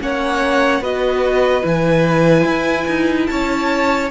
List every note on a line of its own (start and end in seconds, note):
0.00 0.81 A#3
0.00 0.82 C#4
0.00 0.82 C#5
0.00 0.84 F#5
0.81 1.63 B3
0.81 1.62 F#4
0.81 3.28 B4
0.81 1.66 D#5
1.62 2.45 E3
1.62 4.09 E4
1.62 3.27 G#5
2.45 2.86 E4
2.88 3.29 D#4
3.27 4.12 C#4
3.27 4.12 C#5
3.27 4.09 A5